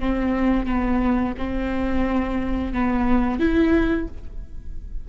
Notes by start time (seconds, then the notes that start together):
0.00 C4
0.66 B3
1.38 C4
2.73 B3
3.40 E4